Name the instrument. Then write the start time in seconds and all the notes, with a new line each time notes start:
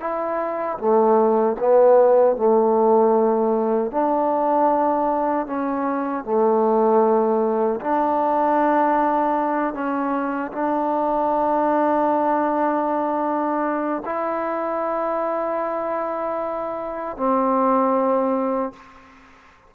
trombone
0.00 E4
0.79 A3
1.59 B3
2.37 A3
3.91 D4
5.47 C#4
6.24 A3
7.81 D4
9.74 C#4
10.52 D4
14.05 E4
17.17 C4